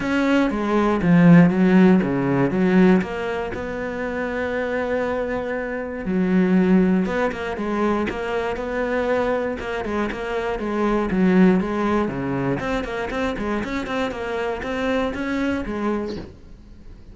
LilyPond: \new Staff \with { instrumentName = "cello" } { \time 4/4 \tempo 4 = 119 cis'4 gis4 f4 fis4 | cis4 fis4 ais4 b4~ | b1 | fis2 b8 ais8 gis4 |
ais4 b2 ais8 gis8 | ais4 gis4 fis4 gis4 | cis4 c'8 ais8 c'8 gis8 cis'8 c'8 | ais4 c'4 cis'4 gis4 | }